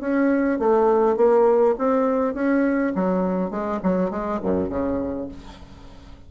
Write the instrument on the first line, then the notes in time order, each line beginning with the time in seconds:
bassoon
0.00 C#4
0.59 A3
1.16 A#3
1.78 C4
2.34 C#4
2.95 F#3
3.50 G#3
3.83 F#3
4.10 G#3
4.43 F#2
4.69 C#3